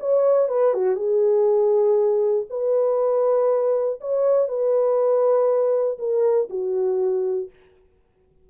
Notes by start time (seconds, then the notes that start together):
0.00 C#5
0.49 B4
0.74 F#4
0.96 G#4
2.50 B4
4.01 C#5
4.48 B4
5.99 A#4
6.50 F#4